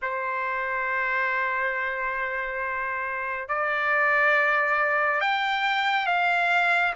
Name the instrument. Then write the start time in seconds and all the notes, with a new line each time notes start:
trumpet
0.02 C5
3.48 D5
5.20 G5
6.06 F5